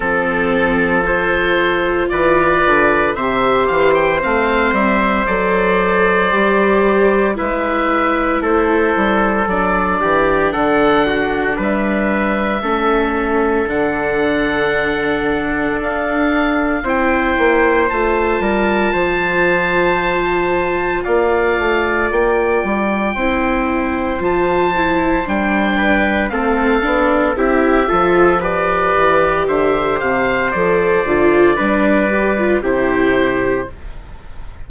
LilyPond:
<<
  \new Staff \with { instrumentName = "oboe" } { \time 4/4 \tempo 4 = 57 a'4 c''4 d''4 e''8 f''16 g''16 | f''8 e''8 d''2 e''4 | c''4 d''4 fis''4 e''4~ | e''4 fis''2 f''4 |
g''4 a''2. | f''4 g''2 a''4 | g''4 f''4 e''4 d''4 | e''8 f''8 d''2 c''4 | }
  \new Staff \with { instrumentName = "trumpet" } { \time 4/4 a'2 b'4 c''4~ | c''2. b'4 | a'4. g'8 a'8 fis'8 b'4 | a'1 |
c''4. ais'8 c''2 | d''2 c''2~ | c''8 b'8 a'4 g'8 a'8 b'4 | c''2 b'4 g'4 | }
  \new Staff \with { instrumentName = "viola" } { \time 4/4 c'4 f'2 g'4 | c'4 a'4 g'4 e'4~ | e'4 d'2. | cis'4 d'2. |
e'4 f'2.~ | f'2 e'4 f'8 e'8 | d'4 c'8 d'8 e'8 f'8 g'4~ | g'4 a'8 f'8 d'8 g'16 f'16 e'4 | }
  \new Staff \with { instrumentName = "bassoon" } { \time 4/4 f2 e8 d8 c8 e8 | a8 g8 fis4 g4 gis4 | a8 g8 fis8 e8 d4 g4 | a4 d2 d'4 |
c'8 ais8 a8 g8 f2 | ais8 a8 ais8 g8 c'4 f4 | g4 a8 b8 c'8 f4 e8 | d8 c8 f8 d8 g4 c4 | }
>>